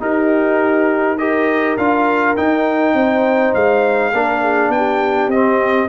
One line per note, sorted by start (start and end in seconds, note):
0.00 1.18 D#4
0.00 1.77 D#4
0.00 1.19 G4
0.00 1.18 A#4
1.18 1.78 G4
1.18 2.95 A#4
1.18 1.77 D#5
1.77 2.37 D4
1.77 2.37 F4
1.77 2.36 F5
2.37 4.13 D#4
2.37 2.94 D#4
2.37 3.54 G5
2.94 3.53 C4
2.94 4.13 C5
3.54 4.13 G#3
3.54 4.72 F5
4.13 4.69 A#3
4.13 5.32 D4
4.13 4.42 A#4
4.42 4.72 G#4
4.69 5.27 B3
4.69 5.30 G5
4.76 5.89 G4
5.27 5.86 C4
5.27 5.89 C4
5.27 5.89 D#5